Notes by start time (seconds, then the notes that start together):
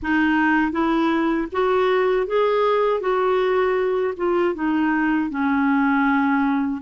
0.02 D#4
0.71 E4
1.52 F#4
2.26 G#4
3.00 F#4
4.16 F4
4.54 D#4
5.30 C#4